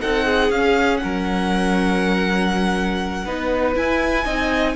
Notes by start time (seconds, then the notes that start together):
0.00 C4 D#4 A4 F#5
0.26 G#4
0.50 C#4 F5
0.97 F#5
1.03 F#3 A#4
3.25 B3 D#4 B4
3.75 E4 G#5
4.25 C4 D#4 D#5